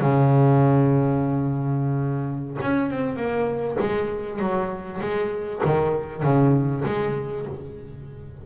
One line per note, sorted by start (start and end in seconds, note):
0.00 2.58 C#3
2.61 2.90 C#4
2.90 3.16 C4
3.16 3.77 A#3
3.79 4.39 G#3
4.39 4.99 F#3
5.01 5.61 G#3
5.64 6.23 D#3
6.23 6.83 C#3
6.85 7.45 G#3